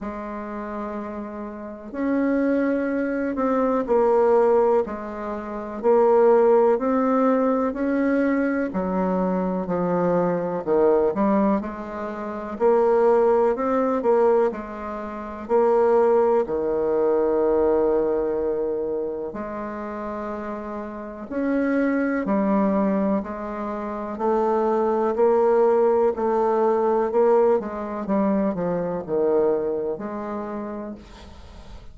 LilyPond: \new Staff \with { instrumentName = "bassoon" } { \time 4/4 \tempo 4 = 62 gis2 cis'4. c'8 | ais4 gis4 ais4 c'4 | cis'4 fis4 f4 dis8 g8 | gis4 ais4 c'8 ais8 gis4 |
ais4 dis2. | gis2 cis'4 g4 | gis4 a4 ais4 a4 | ais8 gis8 g8 f8 dis4 gis4 | }